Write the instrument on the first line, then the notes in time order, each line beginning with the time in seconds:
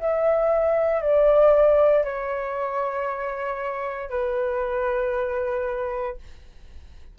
flute
0.00 E5
1.02 D5
2.05 C#5
4.10 B4